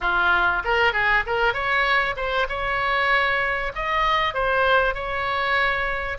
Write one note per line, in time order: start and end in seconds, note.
0.01 0.62 F4
0.64 0.93 A#4
0.93 1.23 G#4
1.26 1.53 A#4
1.53 2.15 C#5
2.16 2.47 C5
2.48 3.72 C#5
3.75 4.34 D#5
4.34 4.94 C5
4.94 6.17 C#5